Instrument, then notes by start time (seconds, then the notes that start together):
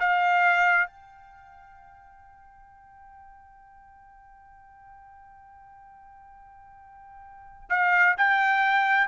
trumpet
0.00 F5
0.88 G5
7.70 F5
8.18 G5